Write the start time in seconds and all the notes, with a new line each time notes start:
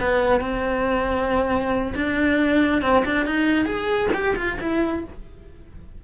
0.00 B3
0.40 C4
1.95 D4
2.82 C4
3.05 D4
3.26 D#4
3.65 G#4
4.14 G4
4.36 F4
4.60 E4